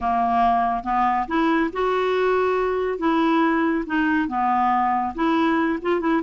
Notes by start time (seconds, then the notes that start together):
0.00 A#3
0.83 B3
1.27 E4
1.73 F#4
2.98 E4
3.86 D#4
4.28 B3
5.14 E4
5.82 F4
6.00 E4